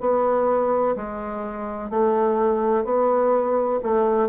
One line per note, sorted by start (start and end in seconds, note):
0.00 0.95 B3
0.96 1.90 G#3
1.90 2.84 A3
2.84 3.80 B3
3.83 4.29 A3